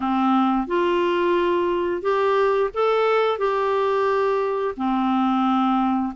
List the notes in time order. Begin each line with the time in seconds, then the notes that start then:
0.00 C4
0.67 F4
2.01 G4
2.73 A4
3.38 G4
4.76 C4